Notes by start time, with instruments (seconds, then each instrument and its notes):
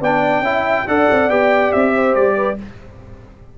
0.00 tuba B3, trombone D4, horn D5, trumpet G5
0.40 tuba C#4, trombone E4, horn E5
0.87 tuba D4, trombone A4, horn D5, trumpet F#5
1.10 tuba C4
1.29 tuba B3, trombone G4, trumpet G5
1.72 tuba C4, trumpet E5
1.95 horn C5
2.15 tuba G3, trumpet D5
2.36 horn B4